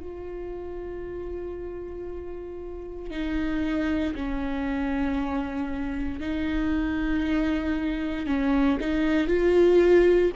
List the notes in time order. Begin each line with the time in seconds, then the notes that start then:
0.00 F4
3.10 D#4
4.15 C#4
6.20 D#4
8.26 C#4
8.80 D#4
9.27 F4